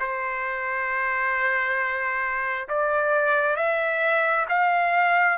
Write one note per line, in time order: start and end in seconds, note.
0.00 2.69 C5
2.69 3.56 D5
3.56 4.46 E5
4.49 5.38 F5